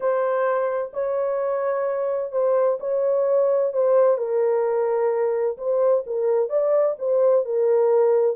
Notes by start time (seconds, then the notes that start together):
0.00 C5
0.93 C#5
2.32 C5
2.80 C#5
3.73 C5
4.17 A#4
5.57 C5
6.06 A#4
6.49 D5
6.99 C5
7.45 A#4